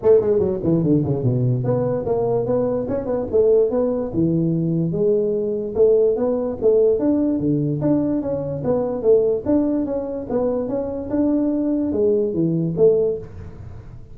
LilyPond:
\new Staff \with { instrumentName = "tuba" } { \time 4/4 \tempo 4 = 146 a8 gis8 fis8 e8 d8 cis8 b,4 | b4 ais4 b4 cis'8 b8 | a4 b4 e2 | gis2 a4 b4 |
a4 d'4 d4 d'4 | cis'4 b4 a4 d'4 | cis'4 b4 cis'4 d'4~ | d'4 gis4 e4 a4 | }